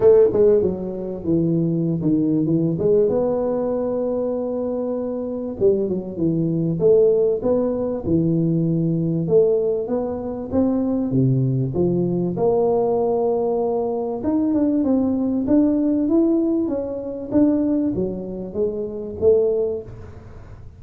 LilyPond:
\new Staff \with { instrumentName = "tuba" } { \time 4/4 \tempo 4 = 97 a8 gis8 fis4 e4~ e16 dis8. | e8 gis8 b2.~ | b4 g8 fis8 e4 a4 | b4 e2 a4 |
b4 c'4 c4 f4 | ais2. dis'8 d'8 | c'4 d'4 e'4 cis'4 | d'4 fis4 gis4 a4 | }